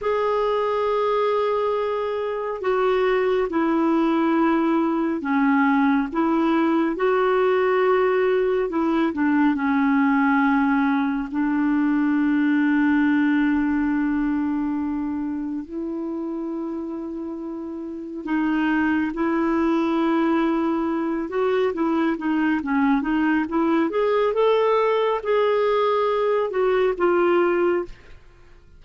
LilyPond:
\new Staff \with { instrumentName = "clarinet" } { \time 4/4 \tempo 4 = 69 gis'2. fis'4 | e'2 cis'4 e'4 | fis'2 e'8 d'8 cis'4~ | cis'4 d'2.~ |
d'2 e'2~ | e'4 dis'4 e'2~ | e'8 fis'8 e'8 dis'8 cis'8 dis'8 e'8 gis'8 | a'4 gis'4. fis'8 f'4 | }